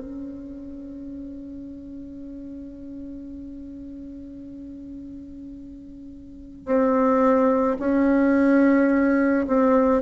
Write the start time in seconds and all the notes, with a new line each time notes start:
0.00 C#4
6.66 C4
7.79 C#4
9.47 C4